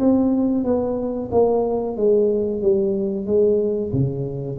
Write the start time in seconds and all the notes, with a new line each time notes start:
0.00 C4
0.65 B3
1.32 A#3
1.97 G#3
2.62 G3
3.26 G#3
3.93 C#3